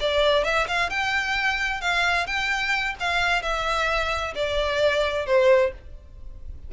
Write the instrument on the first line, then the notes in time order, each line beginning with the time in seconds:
violin
0.00 D5
0.44 E5
0.68 F5
0.90 G5
1.81 F5
2.26 G5
3.00 F5
3.42 E5
4.35 D5
5.26 C5